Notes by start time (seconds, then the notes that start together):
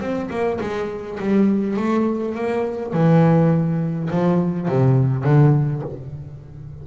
0.00 C4
0.30 A#3
0.61 G#3
1.20 G3
1.77 A3
2.35 A#3
2.93 E3
4.10 F3
4.68 C3
5.24 D3